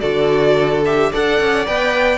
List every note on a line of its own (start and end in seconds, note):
0.00 1.12 D3
0.00 0.83 F#4
0.00 1.10 A4
0.00 0.82 D5
0.85 1.13 G4
0.85 1.12 E5
1.11 1.40 D4
1.11 1.66 A4
1.11 2.18 D5
1.11 1.66 F#5
1.40 1.67 C#4
1.66 2.18 B3
1.66 2.18 B4
1.66 2.18 G5